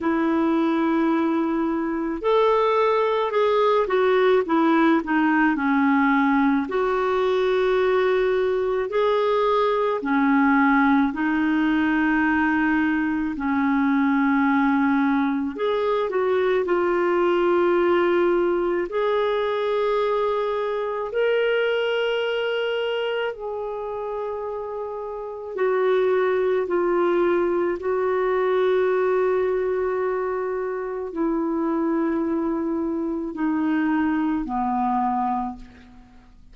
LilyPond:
\new Staff \with { instrumentName = "clarinet" } { \time 4/4 \tempo 4 = 54 e'2 a'4 gis'8 fis'8 | e'8 dis'8 cis'4 fis'2 | gis'4 cis'4 dis'2 | cis'2 gis'8 fis'8 f'4~ |
f'4 gis'2 ais'4~ | ais'4 gis'2 fis'4 | f'4 fis'2. | e'2 dis'4 b4 | }